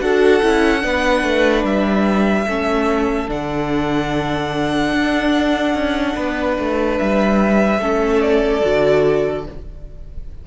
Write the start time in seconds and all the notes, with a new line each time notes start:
0.00 D4 F#4 A4 F#5
0.42 C#4 E4
0.80 B3 D4 B4
1.23 A3
1.64 G3 E5
2.47 A3 C#4 A4
3.28 D3 D4 F#5
4.93 D4
5.74 C#4
6.16 B3 B4
6.58 A3
6.98 G3 E5
7.79 A3 C#4 A4
8.21 D5
8.61 D3 F#4